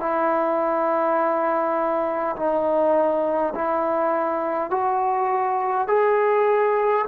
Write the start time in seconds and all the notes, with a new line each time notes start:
0.00 E4
2.36 D#4
3.55 E4
4.70 F#4
5.88 G#4